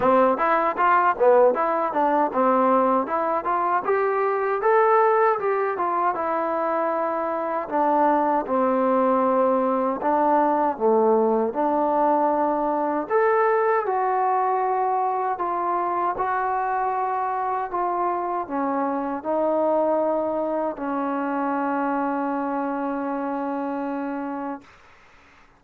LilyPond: \new Staff \with { instrumentName = "trombone" } { \time 4/4 \tempo 4 = 78 c'8 e'8 f'8 b8 e'8 d'8 c'4 | e'8 f'8 g'4 a'4 g'8 f'8 | e'2 d'4 c'4~ | c'4 d'4 a4 d'4~ |
d'4 a'4 fis'2 | f'4 fis'2 f'4 | cis'4 dis'2 cis'4~ | cis'1 | }